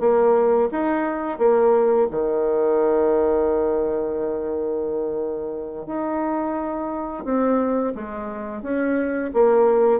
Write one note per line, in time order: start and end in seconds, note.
0.00 0.69 A#3
0.71 1.39 D#4
1.39 2.08 A#3
2.11 5.87 D#3
5.87 7.24 D#4
7.24 7.93 C4
7.94 8.62 G#3
8.62 9.31 C#4
9.34 10.00 A#3